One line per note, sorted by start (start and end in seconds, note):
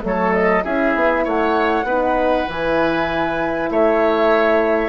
0.00 0.65 F#3
0.00 0.61 A3
0.06 0.64 A4
0.06 0.33 C#5
0.33 0.64 D#5
0.64 0.95 C#4
0.64 1.86 E4
0.64 1.24 G#4
0.64 1.25 E5
0.95 1.26 B3
1.24 1.84 A3
1.24 1.86 C#5
1.24 2.50 F#5
1.84 2.45 B3
1.84 2.49 D#4
1.84 3.70 B4
2.49 3.70 E3
2.49 4.89 E4
2.49 3.69 G#5
3.69 4.89 A3
3.69 4.89 C#5
3.69 4.89 E5